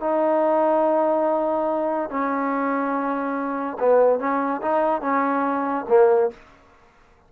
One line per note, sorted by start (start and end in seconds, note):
0.00 2.09 D#4
2.09 3.77 C#4
3.79 4.19 B3
4.19 4.61 C#4
4.62 5.01 D#4
5.01 5.85 C#4
5.89 6.31 A#3